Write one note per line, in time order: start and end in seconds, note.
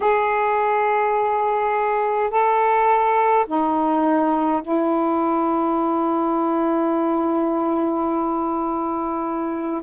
0.00 2.30 G#4
2.30 3.45 A4
3.46 4.62 D#4
4.62 9.81 E4